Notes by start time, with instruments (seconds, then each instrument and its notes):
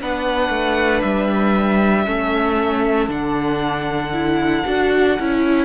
0.00 cello B3, viola D4, violin B4 F#5
0.49 cello A3
1.01 cello G3, violin E5
2.05 cello A3, viola C#4, violin A4
3.08 cello D3, viola D4, violin F#5
4.13 viola E4
4.65 cello D4, viola F#4
5.19 cello C#4, viola E4